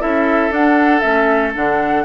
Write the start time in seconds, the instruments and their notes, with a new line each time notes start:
0.00 bassoon C#4, clarinet E4, oboe A4, flute E5
0.50 bassoon D4, clarinet D4, flute F#5
1.01 bassoon A3, clarinet C#4, flute E5
1.54 bassoon D3, clarinet D4, flute F#5